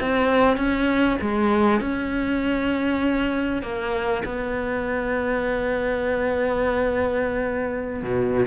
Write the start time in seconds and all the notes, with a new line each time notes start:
0.00 C4
0.56 C#4
1.21 G#3
1.80 C#4
3.62 A#3
4.25 B3
8.02 B2